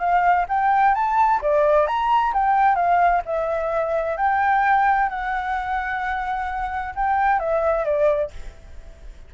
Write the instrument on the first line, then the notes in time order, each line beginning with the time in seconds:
flute
0.00 F5
0.49 G5
0.95 A5
1.42 D5
1.87 A#5
2.34 G5
2.76 F5
3.26 E5
4.17 G5
5.10 F#5
6.95 G5
7.40 E5
7.85 D5